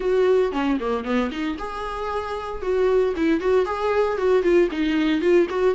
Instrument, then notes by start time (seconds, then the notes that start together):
viola
0.00 F#4
0.51 C#4
0.80 A#3
1.04 B3
1.31 D#4
1.58 G#4
2.61 F#4
3.16 E4
3.40 F#4
3.65 G#4
4.17 F#4
4.42 F4
4.71 D#4
5.21 F4
5.49 F#4